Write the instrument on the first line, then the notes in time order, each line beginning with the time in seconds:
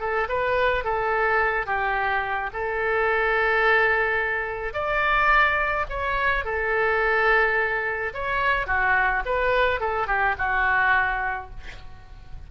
oboe
0.00 A4
0.29 B4
0.85 A4
1.66 G4
2.53 A4
4.74 D5
5.90 C#5
6.45 A4
8.14 C#5
8.67 F#4
9.25 B4
9.80 A4
10.07 G4
10.38 F#4